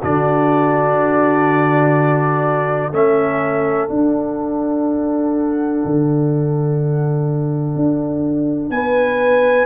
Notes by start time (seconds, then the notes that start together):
0.00 D3 D4 F#4 D5
2.90 A3 C#4 A4 E5
3.89 D4 F#5
5.85 D3
7.75 D4
8.70 B3 B4 G#5